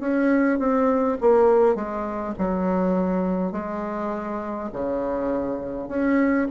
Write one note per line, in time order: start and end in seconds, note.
0.00 0.59 C#4
0.59 1.18 C4
1.21 1.75 A#3
1.75 2.34 G#3
2.39 3.52 F#3
3.52 4.70 G#3
4.73 5.89 C#3
5.89 6.48 C#4